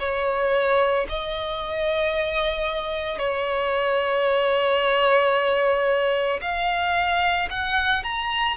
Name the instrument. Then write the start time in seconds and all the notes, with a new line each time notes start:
violin
0.00 C#5
1.10 D#5
3.19 C#5
6.42 F5
7.50 F#5
8.04 A#5